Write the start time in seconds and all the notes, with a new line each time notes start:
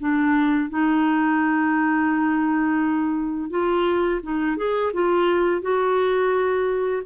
0.00 D4
0.70 D#4
3.50 F4
4.23 D#4
4.57 G#4
4.94 F4
5.62 F#4